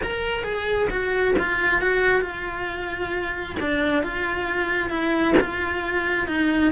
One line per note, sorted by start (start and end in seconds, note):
0.03 0.43 A#4
0.43 0.88 G#4
0.90 1.34 F#4
1.38 1.81 F4
1.81 2.21 F#4
2.21 3.55 F4
3.60 4.02 D4
4.02 4.89 F4
4.89 5.34 E4
5.40 6.27 F4
6.27 6.72 D#4